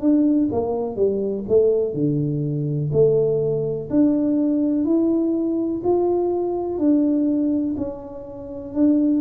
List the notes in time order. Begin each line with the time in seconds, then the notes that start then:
0.00 D4
0.51 A#3
0.96 G3
1.48 A3
1.93 D3
2.92 A3
3.90 D4
4.85 E4
5.83 F4
6.78 D4
7.77 C#4
8.74 D4